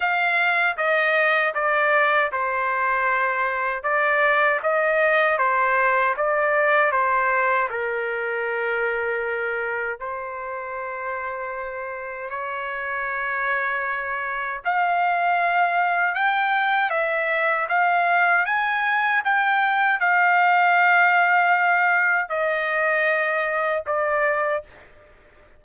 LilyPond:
\new Staff \with { instrumentName = "trumpet" } { \time 4/4 \tempo 4 = 78 f''4 dis''4 d''4 c''4~ | c''4 d''4 dis''4 c''4 | d''4 c''4 ais'2~ | ais'4 c''2. |
cis''2. f''4~ | f''4 g''4 e''4 f''4 | gis''4 g''4 f''2~ | f''4 dis''2 d''4 | }